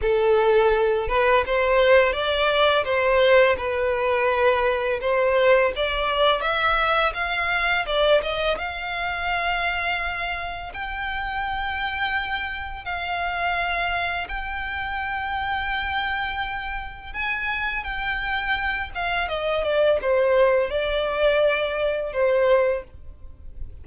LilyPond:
\new Staff \with { instrumentName = "violin" } { \time 4/4 \tempo 4 = 84 a'4. b'8 c''4 d''4 | c''4 b'2 c''4 | d''4 e''4 f''4 d''8 dis''8 | f''2. g''4~ |
g''2 f''2 | g''1 | gis''4 g''4. f''8 dis''8 d''8 | c''4 d''2 c''4 | }